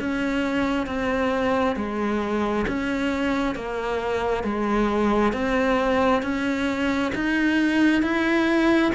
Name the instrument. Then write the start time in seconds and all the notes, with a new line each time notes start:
cello
0.00 C#4
0.87 C4
1.77 G#3
2.68 C#4
3.55 A#3
4.44 G#3
5.33 C4
6.22 C#4
7.15 D#4
8.03 E4